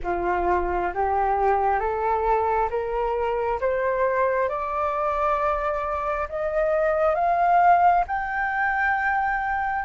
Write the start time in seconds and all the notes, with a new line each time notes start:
0.03 F4
0.94 G4
1.79 A4
2.70 A#4
3.60 C5
4.48 D5
6.28 D#5
7.14 F5
8.07 G5